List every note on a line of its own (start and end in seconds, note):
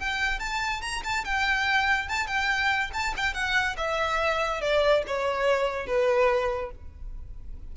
0.00 0.40 G5
0.40 0.82 A5
0.82 1.03 A#5
1.04 1.25 A5
1.25 2.09 G5
2.09 2.27 A5
2.27 2.91 G5
2.94 3.15 A5
3.17 3.34 G5
3.34 3.76 F#5
3.77 4.61 E5
4.61 5.04 D5
5.07 5.87 C#5
5.87 6.72 B4